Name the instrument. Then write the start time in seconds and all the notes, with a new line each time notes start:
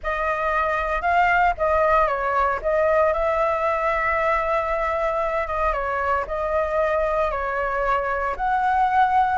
flute
0.03 D#5
1.01 F5
1.57 D#5
2.07 C#5
2.62 D#5
3.13 E5
5.47 D#5
5.72 C#5
6.27 D#5
7.31 C#5
8.36 F#5